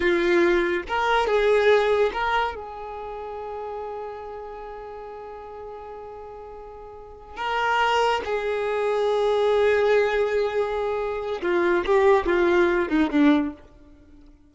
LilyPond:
\new Staff \with { instrumentName = "violin" } { \time 4/4 \tempo 4 = 142 f'2 ais'4 gis'4~ | gis'4 ais'4 gis'2~ | gis'1~ | gis'1~ |
gis'4. ais'2 gis'8~ | gis'1~ | gis'2. f'4 | g'4 f'4. dis'8 d'4 | }